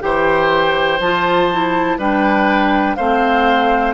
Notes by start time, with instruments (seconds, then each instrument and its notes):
0.00 bassoon E3, clarinet G4, oboe C5, flute G5
0.99 bassoon F3, clarinet F4, flute A5
1.52 clarinet E4
1.97 bassoon G3, clarinet D4, oboe B4, flute G5
2.95 bassoon A3, clarinet C4, oboe C5, flute F5